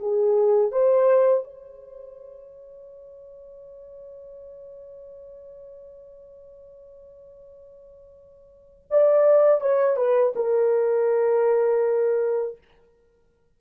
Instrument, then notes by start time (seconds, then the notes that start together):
horn
0.00 G#4
0.72 C5
1.44 C#5
8.91 D5
9.61 C#5
9.97 B4
10.36 A#4